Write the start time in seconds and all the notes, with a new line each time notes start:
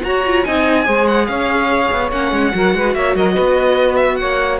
0.00 F#4 C#5 A#5
0.26 F4
0.44 C4 D#4 D#5 G#5
0.84 G#3 G#4 C5
1.07 F#5
1.25 C#4 C#5 F5
1.91 B3
2.11 A#3 C#4 F#5
2.31 G#3
2.52 F#3 F#4 A#4
2.74 G#3 B4
2.94 A#3 C#5 E5
3.15 F#3 A#4 D#5
3.33 B3 B4
3.96 E5
4.16 A#3 C#5 F#5